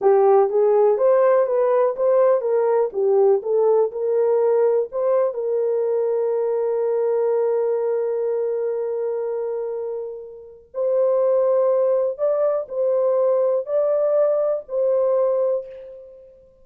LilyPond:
\new Staff \with { instrumentName = "horn" } { \time 4/4 \tempo 4 = 123 g'4 gis'4 c''4 b'4 | c''4 ais'4 g'4 a'4 | ais'2 c''4 ais'4~ | ais'1~ |
ais'1~ | ais'2 c''2~ | c''4 d''4 c''2 | d''2 c''2 | }